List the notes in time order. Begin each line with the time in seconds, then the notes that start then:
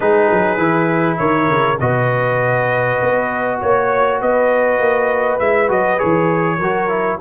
0.00 G#3 D#4 G#4 B4
0.32 F#3
0.57 E3 E4
1.18 D#3 A#4 C#5
1.49 C#3
1.80 B2 F#4 B4 D#5
3.01 B3
3.60 A#3 C#5
4.21 B3 B4 D#5
4.79 A#3
5.39 G#3 E4 E5
5.68 F#3 F#4 D#5
5.97 E3 G#4 C#5
6.58 F#3 F#4 A#4
6.88 E4